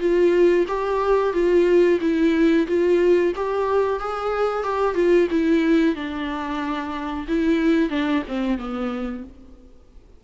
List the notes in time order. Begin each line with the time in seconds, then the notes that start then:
0.00 F4
0.68 G4
1.33 F4
2.01 E4
2.67 F4
3.36 G4
4.00 G#4
4.63 G4
4.95 F4
5.31 E4
5.95 D4
7.28 E4
7.90 D4
8.28 C4
8.58 B3